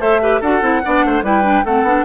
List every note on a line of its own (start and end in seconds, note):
0.00 0.41 A3
0.00 0.20 A4
0.00 0.21 C5
0.00 0.42 E5
0.22 0.42 G4
0.22 0.41 B4
0.41 0.62 D4
0.41 0.62 F#4
0.41 0.81 A4
0.41 1.24 F#5
0.62 0.82 C4
0.62 0.82 E4
0.85 1.05 B3
0.85 1.24 D4
0.85 1.06 D5
1.05 1.23 A3
1.05 1.24 C5
1.23 1.64 G3
1.23 1.43 E4
1.23 1.65 B4
1.23 1.65 G5
1.43 1.64 D4
1.65 1.83 A3
1.65 1.87 C4
1.65 2.05 A4
1.65 2.05 F#5
1.83 2.04 B3
1.83 2.05 D4